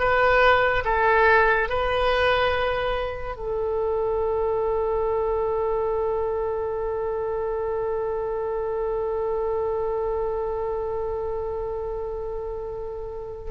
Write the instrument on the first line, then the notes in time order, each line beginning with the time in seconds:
oboe
0.00 B4
0.85 A4
1.70 B4
3.37 A4